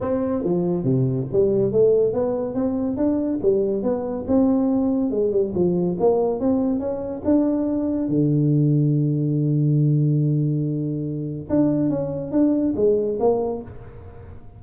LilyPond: \new Staff \with { instrumentName = "tuba" } { \time 4/4 \tempo 4 = 141 c'4 f4 c4 g4 | a4 b4 c'4 d'4 | g4 b4 c'2 | gis8 g8 f4 ais4 c'4 |
cis'4 d'2 d4~ | d1~ | d2. d'4 | cis'4 d'4 gis4 ais4 | }